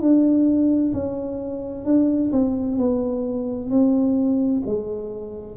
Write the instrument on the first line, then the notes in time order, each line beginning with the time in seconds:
tuba
0.00 D4
0.93 C#4
1.85 D4
2.32 C4
2.77 B3
3.70 C4
4.66 G#3